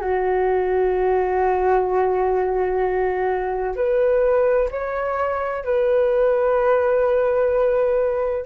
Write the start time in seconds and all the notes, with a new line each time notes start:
0.00 F#4
3.75 B4
4.70 C#5
5.64 B4